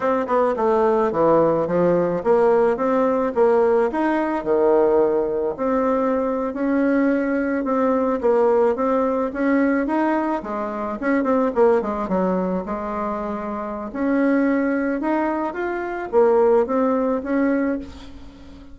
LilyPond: \new Staff \with { instrumentName = "bassoon" } { \time 4/4 \tempo 4 = 108 c'8 b8 a4 e4 f4 | ais4 c'4 ais4 dis'4 | dis2 c'4.~ c'16 cis'16~ | cis'4.~ cis'16 c'4 ais4 c'16~ |
c'8. cis'4 dis'4 gis4 cis'16~ | cis'16 c'8 ais8 gis8 fis4 gis4~ gis16~ | gis4 cis'2 dis'4 | f'4 ais4 c'4 cis'4 | }